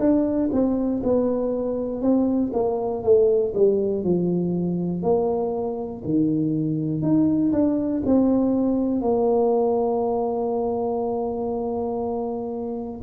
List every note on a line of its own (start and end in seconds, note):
0.00 0.50 D4
0.52 1.02 C4
1.04 2.02 B3
2.02 2.52 C4
2.54 3.04 A#3
3.04 3.54 A3
3.55 4.04 G3
4.04 5.03 F3
5.03 6.03 A#3
6.05 7.02 D#3
7.02 7.52 D#4
7.53 8.03 D4
8.06 9.01 C4
9.01 13.01 A#3